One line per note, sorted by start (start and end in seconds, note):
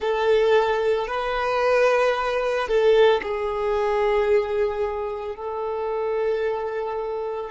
0.00 1.07 A4
1.07 2.67 B4
2.67 3.21 A4
3.22 5.35 G#4
5.35 7.50 A4